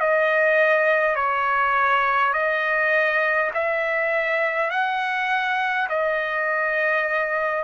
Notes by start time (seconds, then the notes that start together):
0.00 D#5
1.16 C#5
2.33 D#5
3.54 E5
4.71 F#5
5.89 D#5